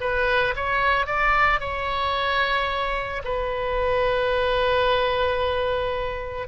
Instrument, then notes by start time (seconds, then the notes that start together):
oboe
0.00 B4
0.56 C#5
1.06 D5
1.60 C#5
3.24 B4